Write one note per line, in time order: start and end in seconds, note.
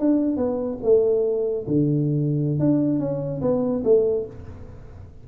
0.00 0.37 D4
0.37 0.79 B3
0.83 1.67 A3
1.68 2.60 D3
2.60 3.00 D4
3.00 3.41 C#4
3.42 3.83 B3
3.84 4.26 A3